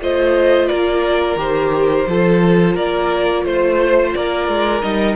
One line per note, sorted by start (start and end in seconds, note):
0.00 0.69 A3
0.00 1.37 F4
0.00 0.69 C5
0.00 0.67 D#5
0.67 1.36 A#3
0.67 2.07 A#4
0.67 1.36 D5
1.36 2.05 D#3
1.36 2.06 G4
1.36 2.76 C5
2.07 2.76 F3
2.07 4.82 F4
2.07 2.74 A4
2.74 3.45 A#3
2.74 3.43 A#4
2.74 3.45 D5
3.45 4.14 A3
3.45 4.14 C5
3.45 4.17 C5
4.14 4.48 A#3
4.14 5.16 A#4
4.14 4.81 D5
4.48 4.82 G#3
4.81 5.16 G3
4.81 5.16 D#4
4.81 5.16 D#5